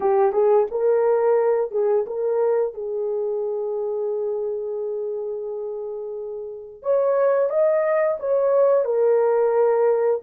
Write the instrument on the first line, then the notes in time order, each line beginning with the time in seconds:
horn
0.00 G4
0.32 G#4
0.70 A#4
1.71 G#4
2.06 A#4
2.73 G#4
6.82 C#5
7.49 D#5
8.19 C#5
8.85 A#4